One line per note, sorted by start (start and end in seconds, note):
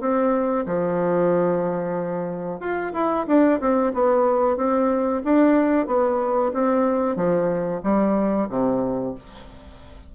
0.00 0.65 C4
0.66 2.60 F3
2.60 2.92 F4
2.93 3.26 E4
3.27 3.60 D4
3.60 3.93 C4
3.93 4.57 B3
4.57 5.22 C4
5.24 5.87 D4
5.87 6.52 B3
6.53 7.16 C4
7.16 7.81 F3
7.83 8.48 G3
8.49 9.14 C3